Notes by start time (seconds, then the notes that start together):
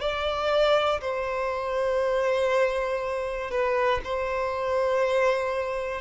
0.00 D5
1.00 C5
3.51 B4
4.04 C5